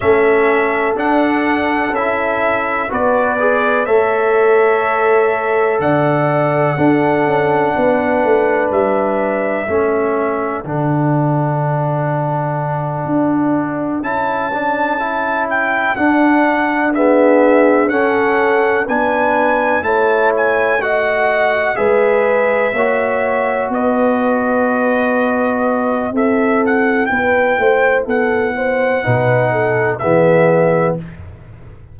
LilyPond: <<
  \new Staff \with { instrumentName = "trumpet" } { \time 4/4 \tempo 4 = 62 e''4 fis''4 e''4 d''4 | e''2 fis''2~ | fis''4 e''2 fis''4~ | fis''2~ fis''8 a''4. |
g''8 fis''4 e''4 fis''4 gis''8~ | gis''8 a''8 gis''8 fis''4 e''4.~ | e''8 dis''2~ dis''8 e''8 fis''8 | g''4 fis''2 e''4 | }
  \new Staff \with { instrumentName = "horn" } { \time 4/4 a'2. b'4 | cis''2 d''4 a'4 | b'2 a'2~ | a'1~ |
a'4. gis'4 a'4 b'8~ | b'8 cis''4 dis''4 b'4 cis''8~ | cis''8 b'2~ b'8 a'4 | b'8 c''8 a'8 c''8 b'8 a'8 gis'4 | }
  \new Staff \with { instrumentName = "trombone" } { \time 4/4 cis'4 d'4 e'4 fis'8 gis'8 | a'2. d'4~ | d'2 cis'4 d'4~ | d'2~ d'8 e'8 d'8 e'8~ |
e'8 d'4 b4 cis'4 d'8~ | d'8 e'4 fis'4 gis'4 fis'8~ | fis'2. e'4~ | e'2 dis'4 b4 | }
  \new Staff \with { instrumentName = "tuba" } { \time 4/4 a4 d'4 cis'4 b4 | a2 d4 d'8 cis'8 | b8 a8 g4 a4 d4~ | d4. d'4 cis'4.~ |
cis'8 d'2 cis'4 b8~ | b8 a2 gis4 ais8~ | ais8 b2~ b8 c'4 | b8 a8 b4 b,4 e4 | }
>>